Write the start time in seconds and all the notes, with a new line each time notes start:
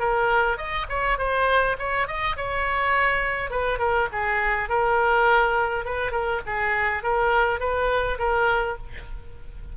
0.00 A#4
0.58 D#5
0.89 C#5
1.19 C5
1.79 C#5
2.08 D#5
2.37 C#5
3.51 B4
3.79 A#4
4.13 G#4
4.69 A#4
5.85 B4
6.12 A#4
6.47 G#4
7.03 A#4
7.60 B4
8.19 A#4